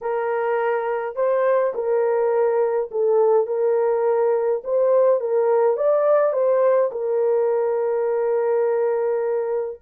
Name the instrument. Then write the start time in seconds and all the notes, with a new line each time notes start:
horn
0.01 A#4
1.15 C5
1.74 A#4
2.91 A4
3.46 A#4
4.64 C5
5.20 A#4
5.77 D5
6.32 C5
6.91 A#4